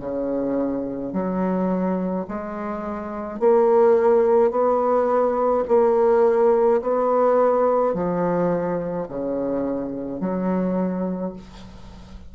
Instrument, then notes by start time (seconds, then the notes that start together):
bassoon
0.00 C#3
1.13 F#3
2.28 G#3
3.40 A#3
4.51 B3
5.68 A#3
6.82 B3
7.94 F3
9.09 C#3
10.20 F#3